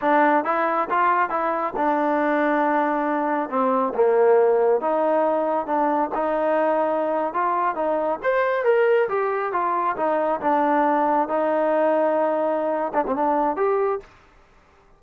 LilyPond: \new Staff \with { instrumentName = "trombone" } { \time 4/4 \tempo 4 = 137 d'4 e'4 f'4 e'4 | d'1 | c'4 ais2 dis'4~ | dis'4 d'4 dis'2~ |
dis'8. f'4 dis'4 c''4 ais'16~ | ais'8. g'4 f'4 dis'4 d'16~ | d'4.~ d'16 dis'2~ dis'16~ | dis'4. d'16 c'16 d'4 g'4 | }